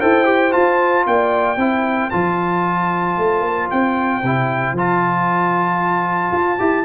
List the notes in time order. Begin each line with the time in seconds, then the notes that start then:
0.00 E4 A4 C5 G5
0.25 G4
0.51 F4 A5
1.06 A#3 D5 G5
1.57 C4 E4 C5
2.10 F3 F4 A5
3.17 A3
3.41 A#3
3.70 C4 G5
4.22 C3 E4
4.72 F3 F4 A5
6.31 F4
6.58 E4 G4